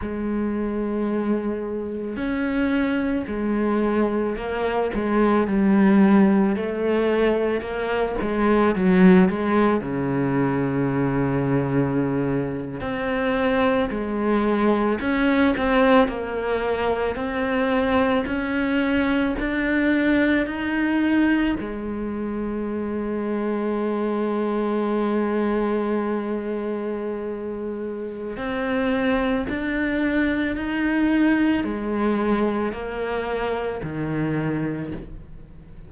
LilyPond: \new Staff \with { instrumentName = "cello" } { \time 4/4 \tempo 4 = 55 gis2 cis'4 gis4 | ais8 gis8 g4 a4 ais8 gis8 | fis8 gis8 cis2~ cis8. c'16~ | c'8. gis4 cis'8 c'8 ais4 c'16~ |
c'8. cis'4 d'4 dis'4 gis16~ | gis1~ | gis2 c'4 d'4 | dis'4 gis4 ais4 dis4 | }